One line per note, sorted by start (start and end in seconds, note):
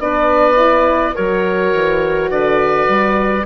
0.00 1.15 B3
0.00 0.57 D4
0.00 1.15 B4
0.00 1.16 D5
0.57 1.14 E4
1.15 1.74 F#3
1.15 3.46 F#4
1.15 2.30 A#4
1.15 2.31 C#5
1.74 2.30 E3
2.30 2.88 D3
2.30 3.46 B4
2.30 3.46 D5
2.88 3.46 G3